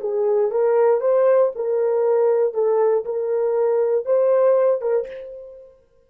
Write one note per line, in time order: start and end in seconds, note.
0.00 0.51 G#4
0.51 1.01 A#4
1.01 1.51 C5
1.55 2.53 A#4
2.53 3.04 A4
3.05 4.05 A#4
4.05 4.81 C5
4.81 5.07 A#4